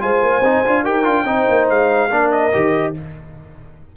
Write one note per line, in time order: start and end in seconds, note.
0.00 0.22 G#3
0.00 0.42 F4
0.00 0.84 C5
0.00 0.85 G#5
0.22 0.41 A#3
0.41 0.62 C4
0.41 0.65 D#4
0.66 0.86 D4
0.66 0.84 F4
0.84 1.07 D#4
0.84 1.04 G4
0.84 1.25 A#4
0.84 1.68 G5
1.04 1.24 D4
1.04 1.25 F4
1.24 1.45 C4
1.24 2.10 D#4
1.24 2.11 C5
1.49 1.70 A#3
1.69 2.11 G#3
1.69 2.31 F5
2.10 2.52 A#3
2.10 2.52 D4
2.10 2.94 A#4
2.31 2.94 D#5
2.52 2.96 D#3
2.52 2.94 G4